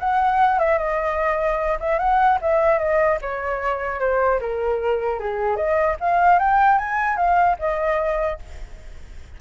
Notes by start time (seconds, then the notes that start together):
0.00 F#5
0.59 E5
0.79 D#5
1.80 E5
1.99 F#5
2.42 E5
2.79 D#5
3.22 C#5
4.00 C5
4.41 A#4
5.20 G#4
5.57 D#5
6.01 F5
6.39 G5
6.79 G#5
7.17 F5
7.60 D#5